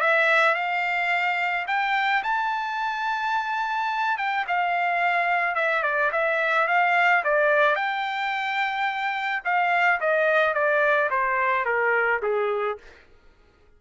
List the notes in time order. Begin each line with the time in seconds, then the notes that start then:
0.00 E5
0.55 F5
1.67 G5
2.23 A5
4.17 G5
4.47 F5
5.55 E5
5.83 D5
6.11 E5
6.67 F5
7.23 D5
7.75 G5
9.44 F5
10.00 D#5
10.54 D5
11.10 C5
11.65 A#4
12.22 G#4